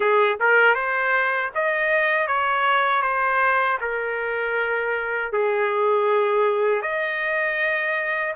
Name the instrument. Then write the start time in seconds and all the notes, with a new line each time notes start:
trumpet
0.00 G#4
0.40 A#4
0.74 C5
1.54 D#5
2.27 C#5
3.02 C5
3.80 A#4
5.32 G#4
6.81 D#5